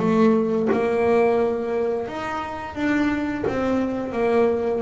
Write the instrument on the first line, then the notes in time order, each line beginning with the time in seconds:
double bass
0.00 A3
0.72 A#3
2.08 D#4
2.76 D4
3.48 C4
4.13 A#3